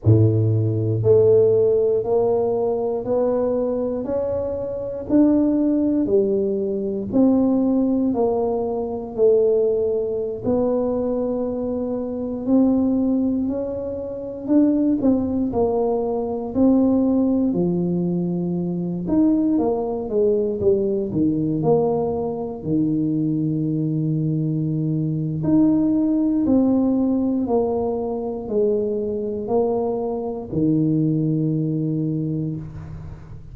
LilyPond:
\new Staff \with { instrumentName = "tuba" } { \time 4/4 \tempo 4 = 59 a,4 a4 ais4 b4 | cis'4 d'4 g4 c'4 | ais4 a4~ a16 b4.~ b16~ | b16 c'4 cis'4 d'8 c'8 ais8.~ |
ais16 c'4 f4. dis'8 ais8 gis16~ | gis16 g8 dis8 ais4 dis4.~ dis16~ | dis4 dis'4 c'4 ais4 | gis4 ais4 dis2 | }